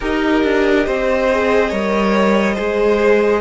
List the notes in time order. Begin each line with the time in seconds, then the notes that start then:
0.00 D#4 G4 A#4 D#5
0.43 D4
0.86 C4 C5
1.30 G#4
1.69 G3 A#4 C#5
2.54 G#3 G#4 C5